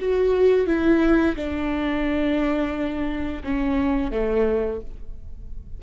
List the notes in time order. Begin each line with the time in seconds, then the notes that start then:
0.00 F#4
0.67 E4
1.36 D4
3.44 C#4
4.12 A3